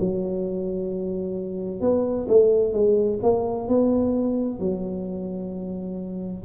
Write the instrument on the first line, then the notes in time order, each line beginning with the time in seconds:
tuba
0.00 F#3
1.81 B3
2.28 A3
2.73 G#3
3.23 A#3
3.68 B3
4.59 F#3